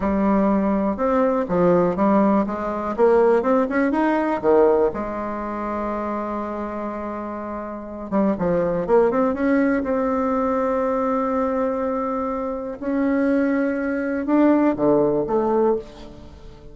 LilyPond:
\new Staff \with { instrumentName = "bassoon" } { \time 4/4 \tempo 4 = 122 g2 c'4 f4 | g4 gis4 ais4 c'8 cis'8 | dis'4 dis4 gis2~ | gis1~ |
gis8 g8 f4 ais8 c'8 cis'4 | c'1~ | c'2 cis'2~ | cis'4 d'4 d4 a4 | }